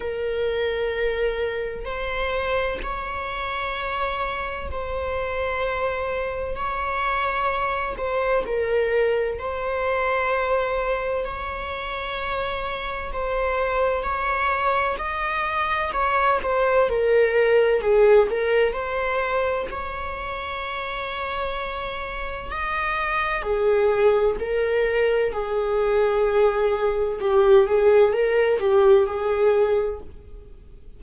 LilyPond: \new Staff \with { instrumentName = "viola" } { \time 4/4 \tempo 4 = 64 ais'2 c''4 cis''4~ | cis''4 c''2 cis''4~ | cis''8 c''8 ais'4 c''2 | cis''2 c''4 cis''4 |
dis''4 cis''8 c''8 ais'4 gis'8 ais'8 | c''4 cis''2. | dis''4 gis'4 ais'4 gis'4~ | gis'4 g'8 gis'8 ais'8 g'8 gis'4 | }